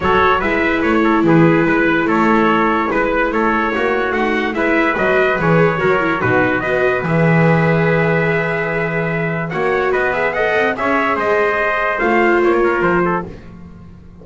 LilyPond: <<
  \new Staff \with { instrumentName = "trumpet" } { \time 4/4 \tempo 4 = 145 cis''4 e''4 cis''4 b'4~ | b'4 cis''2 b'4 | cis''2 fis''4 e''4 | dis''4 cis''2 b'4 |
dis''4 e''2.~ | e''2. fis''4 | dis''8 e''8 fis''4 e''4 dis''4~ | dis''4 f''4 cis''4 c''4 | }
  \new Staff \with { instrumentName = "trumpet" } { \time 4/4 a'4 b'4. a'8 gis'4 | b'4 a'2 b'4 | a'4 fis'2 b'4~ | b'2 ais'4 fis'4 |
b'1~ | b'2. cis''4 | b'4 dis''4 cis''4 c''4~ | c''2~ c''8 ais'4 a'8 | }
  \new Staff \with { instrumentName = "viola" } { \time 4/4 fis'4 e'2.~ | e'1~ | e'2 dis'4 e'4 | fis'4 gis'4 fis'8 e'8 dis'4 |
fis'4 gis'2.~ | gis'2. fis'4~ | fis'8 gis'8 a'4 gis'2~ | gis'4 f'2. | }
  \new Staff \with { instrumentName = "double bass" } { \time 4/4 fis4 gis4 a4 e4 | gis4 a2 gis4 | a4 ais4 a4 gis4 | fis4 e4 fis4 b,4 |
b4 e2.~ | e2. ais4 | b4. c'8 cis'4 gis4~ | gis4 a4 ais4 f4 | }
>>